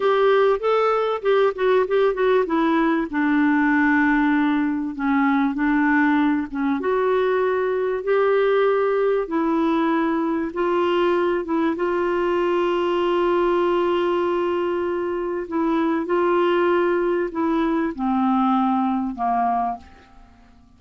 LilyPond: \new Staff \with { instrumentName = "clarinet" } { \time 4/4 \tempo 4 = 97 g'4 a'4 g'8 fis'8 g'8 fis'8 | e'4 d'2. | cis'4 d'4. cis'8 fis'4~ | fis'4 g'2 e'4~ |
e'4 f'4. e'8 f'4~ | f'1~ | f'4 e'4 f'2 | e'4 c'2 ais4 | }